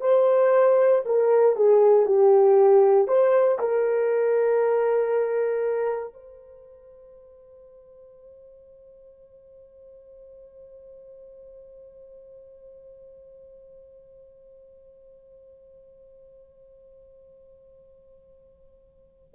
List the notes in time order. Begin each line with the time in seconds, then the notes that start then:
0.00 C5
1.05 A#4
1.56 G#4
2.06 G4
3.07 C5
3.59 A#4
6.13 C5